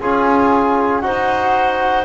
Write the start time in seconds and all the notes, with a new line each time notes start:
0.00 C#4 F4 G#4 G#5
1.01 D#4 F#4 C5 F#5